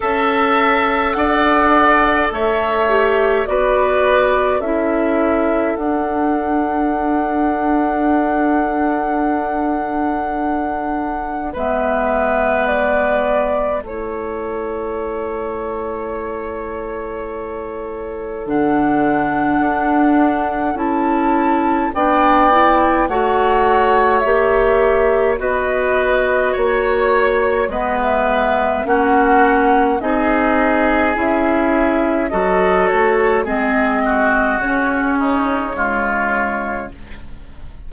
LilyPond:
<<
  \new Staff \with { instrumentName = "flute" } { \time 4/4 \tempo 4 = 52 a''4 fis''4 e''4 d''4 | e''4 fis''2.~ | fis''2 e''4 d''4 | cis''1 |
fis''2 a''4 g''4 | fis''4 e''4 dis''4 cis''4 | dis''16 e''8. fis''4 dis''4 e''4 | dis''8 cis''8 dis''4 cis''2 | }
  \new Staff \with { instrumentName = "oboe" } { \time 4/4 e''4 d''4 cis''4 b'4 | a'1~ | a'2 b'2 | a'1~ |
a'2. d''4 | cis''2 b'4 cis''4 | b'4 fis'4 gis'2 | a'4 gis'8 fis'4 dis'8 f'4 | }
  \new Staff \with { instrumentName = "clarinet" } { \time 4/4 a'2~ a'8 g'8 fis'4 | e'4 d'2.~ | d'2 b2 | e'1 |
d'2 e'4 d'8 e'8 | fis'4 g'4 fis'2 | b4 cis'4 dis'4 e'4 | fis'4 c'4 cis'4 gis4 | }
  \new Staff \with { instrumentName = "bassoon" } { \time 4/4 cis'4 d'4 a4 b4 | cis'4 d'2.~ | d'2 gis2 | a1 |
d4 d'4 cis'4 b4 | a4 ais4 b4 ais4 | gis4 ais4 c'4 cis'4 | fis8 a8 gis4 cis2 | }
>>